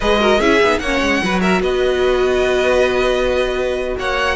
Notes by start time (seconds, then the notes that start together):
0.00 G#3 G#4 B4 D#5
0.19 F#4 A#4
0.39 C#4 E4 G#4 E5
0.62 B3 D#4
0.78 A#3 C#5 F#5
0.85 C#4
1.01 G#3
1.23 F#3 F#4 B4
1.41 A#4 E5
1.60 B3 B4 D#5
3.99 A#3 C#5 F#5